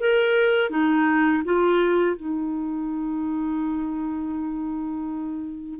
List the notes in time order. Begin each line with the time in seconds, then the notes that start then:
0.00 A#4
0.71 D#4
1.45 F4
2.17 D#4